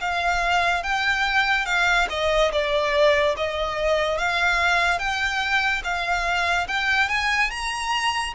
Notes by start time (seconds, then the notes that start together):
0.00 F5
0.83 G5
1.65 F5
2.09 D#5
2.52 D5
3.36 D#5
4.18 F5
4.98 G5
5.83 F5
6.67 G5
7.08 G#5
7.50 A#5